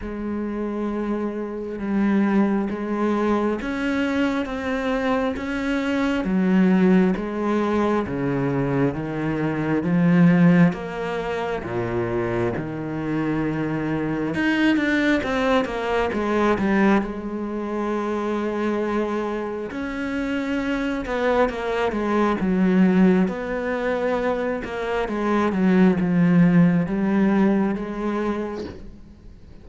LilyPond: \new Staff \with { instrumentName = "cello" } { \time 4/4 \tempo 4 = 67 gis2 g4 gis4 | cis'4 c'4 cis'4 fis4 | gis4 cis4 dis4 f4 | ais4 ais,4 dis2 |
dis'8 d'8 c'8 ais8 gis8 g8 gis4~ | gis2 cis'4. b8 | ais8 gis8 fis4 b4. ais8 | gis8 fis8 f4 g4 gis4 | }